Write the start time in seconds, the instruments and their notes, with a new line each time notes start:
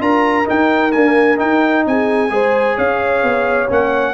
0.00 tuba D4, trombone F4, horn A#4, trumpet A#5
0.45 trombone D#4, tuba D#4, trumpet G5
0.92 trombone A#3, tuba D4, trumpet G#5
1.37 trombone D#4, tuba D#4, trumpet G5
1.86 tuba C4, horn G#4, trumpet G#5
2.30 tuba G#3, trombone G#4, horn C5
2.76 tuba C#4, horn C#5, trumpet F5
3.23 tuba B3
3.68 tuba A#3, trombone C#4, trumpet F#5